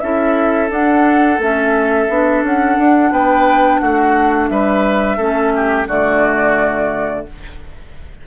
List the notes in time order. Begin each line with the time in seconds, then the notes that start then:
0.00 C#4 E4 A4 E5
0.70 D4 F#5
1.39 A3 C#4 E5
2.09 B3 D4
2.43 C#4 F#5
2.78 D4
3.11 B3 B4 G5
3.79 A3 F#4 F#5
4.49 G3 B4 E5
5.18 A3 C#4 A4
5.55 G4
5.88 D3 A3 F#4 D5